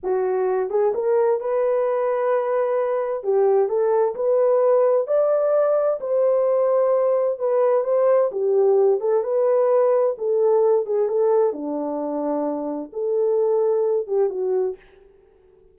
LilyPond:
\new Staff \with { instrumentName = "horn" } { \time 4/4 \tempo 4 = 130 fis'4. gis'8 ais'4 b'4~ | b'2. g'4 | a'4 b'2 d''4~ | d''4 c''2. |
b'4 c''4 g'4. a'8 | b'2 a'4. gis'8 | a'4 d'2. | a'2~ a'8 g'8 fis'4 | }